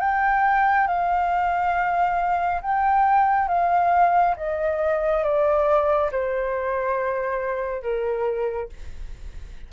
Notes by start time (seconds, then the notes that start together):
0.00 G5
0.87 F5
2.62 G5
3.48 F5
4.36 D#5
5.23 D5
6.11 C5
7.82 A#4